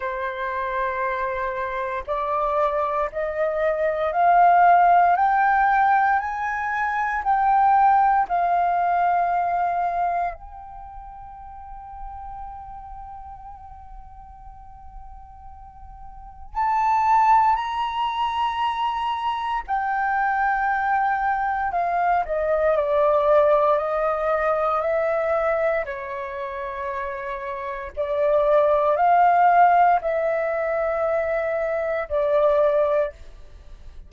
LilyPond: \new Staff \with { instrumentName = "flute" } { \time 4/4 \tempo 4 = 58 c''2 d''4 dis''4 | f''4 g''4 gis''4 g''4 | f''2 g''2~ | g''1 |
a''4 ais''2 g''4~ | g''4 f''8 dis''8 d''4 dis''4 | e''4 cis''2 d''4 | f''4 e''2 d''4 | }